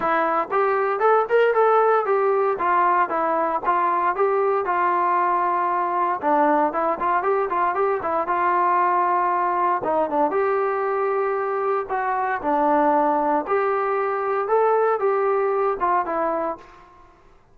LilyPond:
\new Staff \with { instrumentName = "trombone" } { \time 4/4 \tempo 4 = 116 e'4 g'4 a'8 ais'8 a'4 | g'4 f'4 e'4 f'4 | g'4 f'2. | d'4 e'8 f'8 g'8 f'8 g'8 e'8 |
f'2. dis'8 d'8 | g'2. fis'4 | d'2 g'2 | a'4 g'4. f'8 e'4 | }